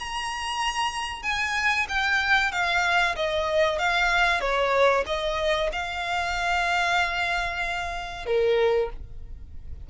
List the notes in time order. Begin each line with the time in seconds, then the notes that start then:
0.00 A#5
1.23 G#5
1.89 G5
2.52 F5
3.16 D#5
3.79 F5
4.41 C#5
5.07 D#5
5.73 F5
8.27 A#4